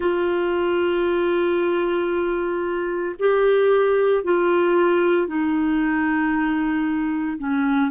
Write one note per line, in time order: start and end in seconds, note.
0.00 3.15 F4
3.19 4.23 G4
4.23 5.27 F4
5.27 7.37 D#4
7.38 7.90 C#4